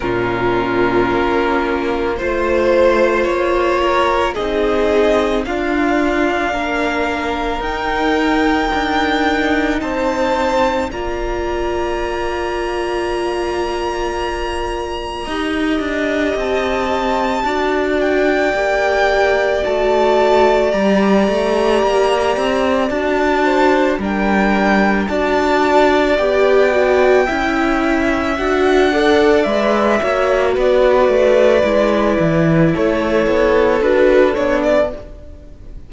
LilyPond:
<<
  \new Staff \with { instrumentName = "violin" } { \time 4/4 \tempo 4 = 55 ais'2 c''4 cis''4 | dis''4 f''2 g''4~ | g''4 a''4 ais''2~ | ais''2. a''4~ |
a''8 g''4. a''4 ais''4~ | ais''4 a''4 g''4 a''4 | g''2 fis''4 e''4 | d''2 cis''4 b'8 cis''16 d''16 | }
  \new Staff \with { instrumentName = "violin" } { \time 4/4 f'2 c''4. ais'8 | gis'4 f'4 ais'2~ | ais'4 c''4 d''2~ | d''2 dis''2 |
d''1~ | d''4. c''8 ais'4 d''4~ | d''4 e''4. d''4 cis''8 | b'2 a'2 | }
  \new Staff \with { instrumentName = "viola" } { \time 4/4 cis'2 f'2 | dis'4 d'2 dis'4~ | dis'2 f'2~ | f'2 g'2 |
fis'4 g'4 fis'4 g'4~ | g'4 fis'4 d'4 fis'4 | g'8 fis'8 e'4 fis'8 a'8 b'8 fis'8~ | fis'4 e'2 fis'8 d'8 | }
  \new Staff \with { instrumentName = "cello" } { \time 4/4 ais,4 ais4 a4 ais4 | c'4 d'4 ais4 dis'4 | d'4 c'4 ais2~ | ais2 dis'8 d'8 c'4 |
d'4 ais4 a4 g8 a8 | ais8 c'8 d'4 g4 d'4 | b4 cis'4 d'4 gis8 ais8 | b8 a8 gis8 e8 a8 b8 d'8 b8 | }
>>